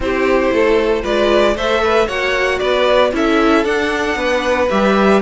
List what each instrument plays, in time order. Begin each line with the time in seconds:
0.00 cello C4, viola E4, violin G4 C5
0.51 cello A3, violin A4
1.02 cello G#3, viola F4, violin B4 D5
1.55 cello A3, viola A4, violin C5 E5
1.83 violin B4
2.06 cello A#3, viola F#4, violin C#5 F#5
2.59 cello B3, violin B4 D5
3.12 cello C#4, viola E4, violin A4 E5
3.64 cello D4, viola D4, violin F#5
4.15 cello B3, violin B4
4.69 cello G3, viola G4, violin E5